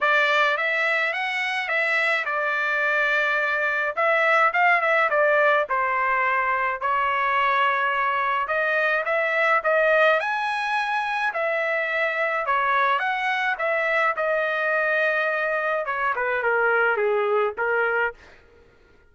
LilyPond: \new Staff \with { instrumentName = "trumpet" } { \time 4/4 \tempo 4 = 106 d''4 e''4 fis''4 e''4 | d''2. e''4 | f''8 e''8 d''4 c''2 | cis''2. dis''4 |
e''4 dis''4 gis''2 | e''2 cis''4 fis''4 | e''4 dis''2. | cis''8 b'8 ais'4 gis'4 ais'4 | }